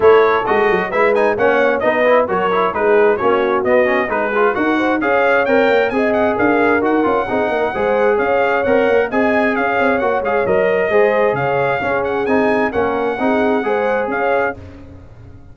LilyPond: <<
  \new Staff \with { instrumentName = "trumpet" } { \time 4/4 \tempo 4 = 132 cis''4 dis''4 e''8 gis''8 fis''4 | dis''4 cis''4 b'4 cis''4 | dis''4 b'4 fis''4 f''4 | g''4 gis''8 fis''8 f''4 fis''4~ |
fis''2 f''4 fis''4 | gis''4 f''4 fis''8 f''8 dis''4~ | dis''4 f''4. fis''8 gis''4 | fis''2. f''4 | }
  \new Staff \with { instrumentName = "horn" } { \time 4/4 a'2 b'4 cis''4 | b'4 ais'4 gis'4 fis'4~ | fis'4 gis'4 ais'8 c''8 cis''4~ | cis''4 dis''4 ais'2 |
gis'8 ais'8 c''4 cis''2 | dis''4 cis''2. | c''4 cis''4 gis'2 | ais'4 gis'4 c''4 cis''4 | }
  \new Staff \with { instrumentName = "trombone" } { \time 4/4 e'4 fis'4 e'8 dis'8 cis'4 | dis'8 e'8 fis'8 e'8 dis'4 cis'4 | b8 cis'8 dis'8 f'8 fis'4 gis'4 | ais'4 gis'2 fis'8 f'8 |
dis'4 gis'2 ais'4 | gis'2 fis'8 gis'8 ais'4 | gis'2 cis'4 dis'4 | cis'4 dis'4 gis'2 | }
  \new Staff \with { instrumentName = "tuba" } { \time 4/4 a4 gis8 fis8 gis4 ais4 | b4 fis4 gis4 ais4 | b4 gis4 dis'4 cis'4 | c'8 ais8 c'4 d'4 dis'8 cis'8 |
c'8 ais8 gis4 cis'4 c'8 ais8 | c'4 cis'8 c'8 ais8 gis8 fis4 | gis4 cis4 cis'4 c'4 | ais4 c'4 gis4 cis'4 | }
>>